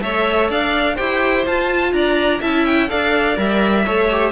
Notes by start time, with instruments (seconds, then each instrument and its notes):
0.00 cello A3, viola A4, violin C#5 E5
0.50 cello D4, violin D5 F5
0.95 cello E4, viola G4, violin C5 G5
1.46 cello F4, viola F4, violin A5
1.93 cello D4, violin D5 A#5
2.40 cello C#4, viola E4, violin E5 A5
2.65 violin G5
2.89 cello D4, viola A4, violin D5 F5
3.36 cello G3, viola A#4, violin E5
3.85 cello A3, viola A4, violin C#5
4.11 viola G4